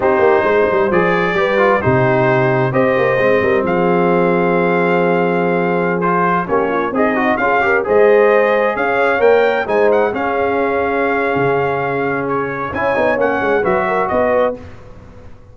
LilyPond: <<
  \new Staff \with { instrumentName = "trumpet" } { \time 4/4 \tempo 4 = 132 c''2 d''2 | c''2 dis''2 | f''1~ | f''4~ f''16 c''4 cis''4 dis''8.~ |
dis''16 f''4 dis''2 f''8.~ | f''16 g''4 gis''8 fis''8 f''4.~ f''16~ | f''2. cis''4 | gis''4 fis''4 e''4 dis''4 | }
  \new Staff \with { instrumentName = "horn" } { \time 4/4 g'4 c''2 b'4 | g'2 c''4. ais'8 | gis'1~ | gis'2~ gis'16 g'8 f'8 dis'8.~ |
dis'16 gis'8 ais'8 c''2 cis''8.~ | cis''4~ cis''16 c''4 gis'4.~ gis'16~ | gis'1 | cis''2 b'8 ais'8 b'4 | }
  \new Staff \with { instrumentName = "trombone" } { \time 4/4 dis'2 gis'4 g'8 f'8 | dis'2 g'4 c'4~ | c'1~ | c'4~ c'16 f'4 cis'4 gis'8 fis'16~ |
fis'16 f'8 g'8 gis'2~ gis'8.~ | gis'16 ais'4 dis'4 cis'4.~ cis'16~ | cis'1 | e'8 dis'8 cis'4 fis'2 | }
  \new Staff \with { instrumentName = "tuba" } { \time 4/4 c'8 ais8 gis8 g8 f4 g4 | c2 c'8 ais8 gis8 g8 | f1~ | f2~ f16 ais4 c'8.~ |
c'16 cis'4 gis2 cis'8.~ | cis'16 ais4 gis4 cis'4.~ cis'16~ | cis'4 cis2. | cis'8 b8 ais8 gis8 fis4 b4 | }
>>